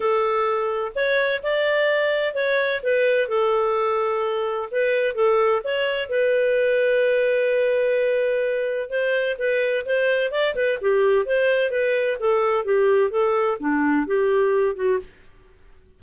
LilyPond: \new Staff \with { instrumentName = "clarinet" } { \time 4/4 \tempo 4 = 128 a'2 cis''4 d''4~ | d''4 cis''4 b'4 a'4~ | a'2 b'4 a'4 | cis''4 b'2.~ |
b'2. c''4 | b'4 c''4 d''8 b'8 g'4 | c''4 b'4 a'4 g'4 | a'4 d'4 g'4. fis'8 | }